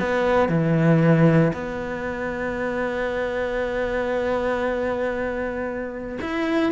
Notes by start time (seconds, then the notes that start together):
0.00 B3
0.49 E3
1.53 B3
6.21 E4